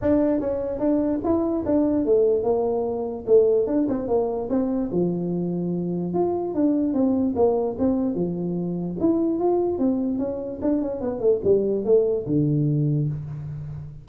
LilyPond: \new Staff \with { instrumentName = "tuba" } { \time 4/4 \tempo 4 = 147 d'4 cis'4 d'4 e'4 | d'4 a4 ais2 | a4 d'8 c'8 ais4 c'4 | f2. f'4 |
d'4 c'4 ais4 c'4 | f2 e'4 f'4 | c'4 cis'4 d'8 cis'8 b8 a8 | g4 a4 d2 | }